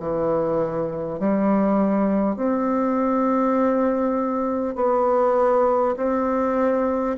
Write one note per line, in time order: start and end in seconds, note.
0.00 1.20 E3
1.20 2.37 G3
2.37 4.76 C4
4.76 5.96 B3
5.97 7.17 C4